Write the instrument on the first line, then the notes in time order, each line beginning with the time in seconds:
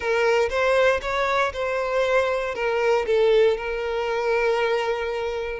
violin
0.00 A#4
0.49 C5
1.01 C#5
1.53 C5
2.54 A#4
3.06 A4
3.57 A#4